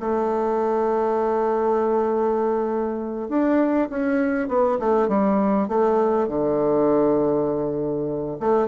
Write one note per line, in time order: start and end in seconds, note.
0.00 3.29 A3
3.29 3.89 D4
3.90 4.48 C#4
4.48 4.78 B3
4.80 5.08 A3
5.08 5.68 G3
5.69 6.28 A3
6.28 8.38 D3
8.40 8.68 A3